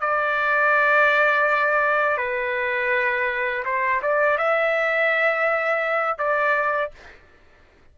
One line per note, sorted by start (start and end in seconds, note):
0.00 2.17 D5
2.17 3.64 B4
3.65 4.01 C5
4.02 4.37 D5
4.37 6.18 E5
6.18 6.91 D5